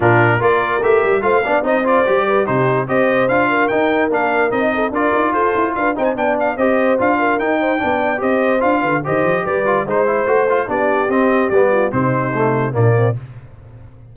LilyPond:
<<
  \new Staff \with { instrumentName = "trumpet" } { \time 4/4 \tempo 4 = 146 ais'4 d''4 e''4 f''4 | dis''8 d''4. c''4 dis''4 | f''4 g''4 f''4 dis''4 | d''4 c''4 f''8 g''16 gis''16 g''8 f''8 |
dis''4 f''4 g''2 | dis''4 f''4 dis''4 d''4 | c''2 d''4 dis''4 | d''4 c''2 d''4 | }
  \new Staff \with { instrumentName = "horn" } { \time 4/4 f'4 ais'2 c''8 d''8 | c''4. b'8 g'4 c''4~ | c''8 ais'2. a'8 | ais'4 a'4 b'8 c''8 d''4 |
c''4. ais'4 c''8 d''4 | c''4. b'8 c''4 b'4 | c''2 g'2~ | g'8 f'8 dis'2 d'8 c'8 | }
  \new Staff \with { instrumentName = "trombone" } { \time 4/4 d'4 f'4 g'4 f'8 d'8 | dis'8 f'8 g'4 dis'4 g'4 | f'4 dis'4 d'4 dis'4 | f'2~ f'8 dis'8 d'4 |
g'4 f'4 dis'4 d'4 | g'4 f'4 g'4. f'8 | dis'8 e'8 fis'8 f'8 d'4 c'4 | b4 c'4 a4 ais4 | }
  \new Staff \with { instrumentName = "tuba" } { \time 4/4 ais,4 ais4 a8 g8 a8 b8 | c'4 g4 c4 c'4 | d'4 dis'4 ais4 c'4 | d'8 dis'8 f'8 e'8 d'8 c'8 b4 |
c'4 d'4 dis'4 b4 | c'4 d'8 d8 dis8 f8 g4 | gis4 a4 b4 c'4 | g4 c2 ais,4 | }
>>